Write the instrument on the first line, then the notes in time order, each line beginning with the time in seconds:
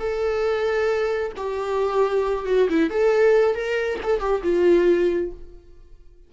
viola
0.00 A4
1.37 G4
2.46 F#4
2.70 E4
2.91 A4
3.55 A#4
4.04 A4
4.21 G4
4.44 F4